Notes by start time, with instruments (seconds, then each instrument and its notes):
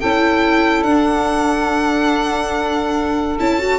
0.00 tuba C#4, viola E4, saxophone A4, violin G5
0.83 tuba D4, viola D4, violin F#5
3.40 tuba C#4, viola E4, violin A5
3.59 viola F#4